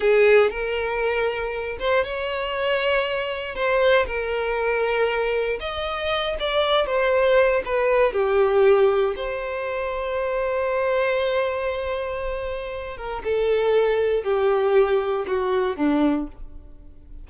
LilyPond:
\new Staff \with { instrumentName = "violin" } { \time 4/4 \tempo 4 = 118 gis'4 ais'2~ ais'8 c''8 | cis''2. c''4 | ais'2. dis''4~ | dis''8 d''4 c''4. b'4 |
g'2 c''2~ | c''1~ | c''4. ais'8 a'2 | g'2 fis'4 d'4 | }